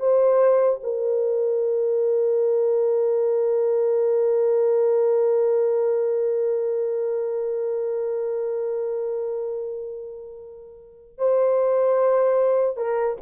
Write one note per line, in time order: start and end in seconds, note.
0.00 0.80 C5
0.84 11.18 A#4
11.18 12.77 C5
12.77 13.17 A#4